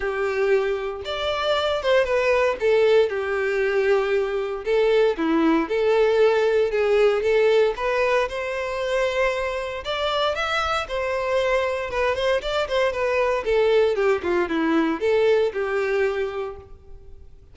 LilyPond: \new Staff \with { instrumentName = "violin" } { \time 4/4 \tempo 4 = 116 g'2 d''4. c''8 | b'4 a'4 g'2~ | g'4 a'4 e'4 a'4~ | a'4 gis'4 a'4 b'4 |
c''2. d''4 | e''4 c''2 b'8 c''8 | d''8 c''8 b'4 a'4 g'8 f'8 | e'4 a'4 g'2 | }